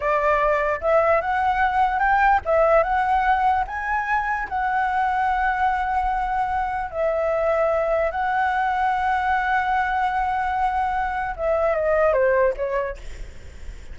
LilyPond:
\new Staff \with { instrumentName = "flute" } { \time 4/4 \tempo 4 = 148 d''2 e''4 fis''4~ | fis''4 g''4 e''4 fis''4~ | fis''4 gis''2 fis''4~ | fis''1~ |
fis''4 e''2. | fis''1~ | fis''1 | e''4 dis''4 c''4 cis''4 | }